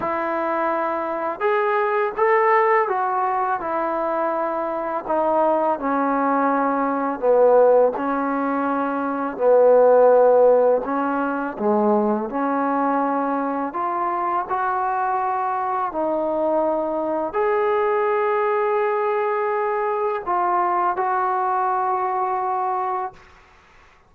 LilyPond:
\new Staff \with { instrumentName = "trombone" } { \time 4/4 \tempo 4 = 83 e'2 gis'4 a'4 | fis'4 e'2 dis'4 | cis'2 b4 cis'4~ | cis'4 b2 cis'4 |
gis4 cis'2 f'4 | fis'2 dis'2 | gis'1 | f'4 fis'2. | }